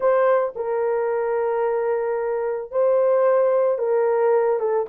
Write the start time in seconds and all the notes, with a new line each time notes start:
0.00 C5
0.55 A#4
2.71 C5
3.78 A#4
4.59 A4